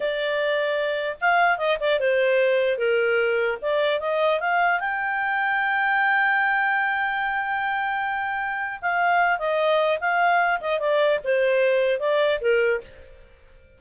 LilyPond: \new Staff \with { instrumentName = "clarinet" } { \time 4/4 \tempo 4 = 150 d''2. f''4 | dis''8 d''8 c''2 ais'4~ | ais'4 d''4 dis''4 f''4 | g''1~ |
g''1~ | g''2 f''4. dis''8~ | dis''4 f''4. dis''8 d''4 | c''2 d''4 ais'4 | }